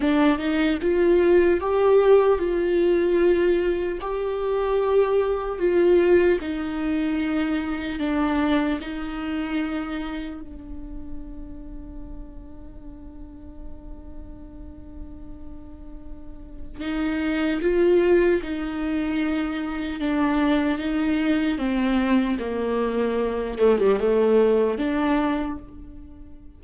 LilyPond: \new Staff \with { instrumentName = "viola" } { \time 4/4 \tempo 4 = 75 d'8 dis'8 f'4 g'4 f'4~ | f'4 g'2 f'4 | dis'2 d'4 dis'4~ | dis'4 d'2.~ |
d'1~ | d'4 dis'4 f'4 dis'4~ | dis'4 d'4 dis'4 c'4 | ais4. a16 g16 a4 d'4 | }